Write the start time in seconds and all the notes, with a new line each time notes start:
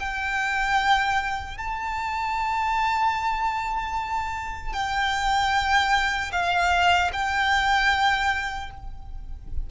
0.00 G5
1.58 A5
4.74 G5
6.32 F5
7.13 G5